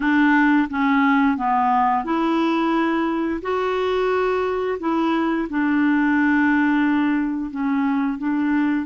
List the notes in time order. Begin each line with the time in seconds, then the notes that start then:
0.00 D4
0.70 C#4
1.37 B3
2.04 E4
3.42 F#4
4.79 E4
5.49 D4
7.50 C#4
8.18 D4